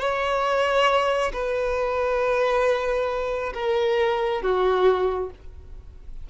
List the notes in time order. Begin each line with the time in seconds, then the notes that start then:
0.00 C#5
1.33 B4
3.55 A#4
4.42 F#4